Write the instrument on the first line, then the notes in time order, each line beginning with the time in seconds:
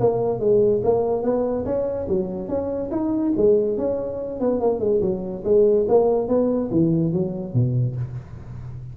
tuba
0.00 A#3
0.40 G#3
0.84 A#3
1.23 B3
1.65 C#4
2.09 F#3
2.48 C#4
2.91 D#4
3.37 G#3
3.78 C#4
4.40 B3
4.61 A#3
4.80 G#3
5.01 F#3
5.44 G#3
5.89 A#3
6.28 B3
6.71 E3
7.13 F#3
7.54 B2